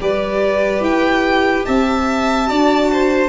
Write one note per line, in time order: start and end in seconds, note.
0.00 0.80 G3
0.00 2.47 G4
0.00 1.66 B4
0.00 0.84 D5
0.80 1.64 E4
0.80 1.65 G5
1.65 2.50 C4
1.65 2.49 E5
1.65 3.29 A5
2.47 3.29 D4
2.47 3.29 F#4
2.47 2.91 D5
2.92 3.29 C5